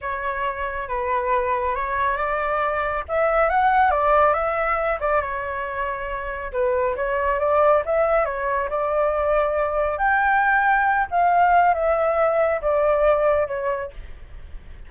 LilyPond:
\new Staff \with { instrumentName = "flute" } { \time 4/4 \tempo 4 = 138 cis''2 b'2 | cis''4 d''2 e''4 | fis''4 d''4 e''4. d''8 | cis''2. b'4 |
cis''4 d''4 e''4 cis''4 | d''2. g''4~ | g''4. f''4. e''4~ | e''4 d''2 cis''4 | }